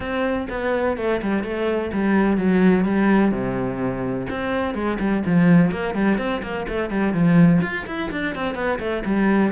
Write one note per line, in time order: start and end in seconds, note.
0.00 0.47 C4
0.49 0.97 B3
0.97 1.21 A3
1.21 1.43 G3
1.43 1.91 A3
1.92 2.37 G3
2.37 2.84 F#3
2.84 3.31 G3
3.31 4.26 C3
4.30 4.74 C4
4.74 4.98 G#3
4.99 5.23 G3
5.26 5.71 F3
5.71 5.94 A#3
5.94 6.18 G3
6.18 6.41 C4
6.42 6.66 A#3
6.68 6.90 A3
6.90 7.13 G3
7.13 7.61 F3
7.62 7.85 F4
7.86 8.10 E4
8.11 8.35 D4
8.35 8.55 C4
8.55 8.78 B3
8.79 9.03 A3
9.05 9.51 G3